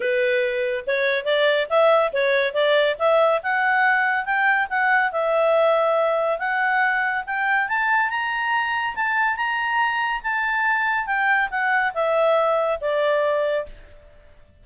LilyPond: \new Staff \with { instrumentName = "clarinet" } { \time 4/4 \tempo 4 = 141 b'2 cis''4 d''4 | e''4 cis''4 d''4 e''4 | fis''2 g''4 fis''4 | e''2. fis''4~ |
fis''4 g''4 a''4 ais''4~ | ais''4 a''4 ais''2 | a''2 g''4 fis''4 | e''2 d''2 | }